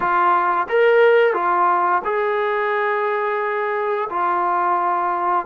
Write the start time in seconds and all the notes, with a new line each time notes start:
0.00 F4
0.68 A#4
1.33 F4
2.04 G#4
4.09 F4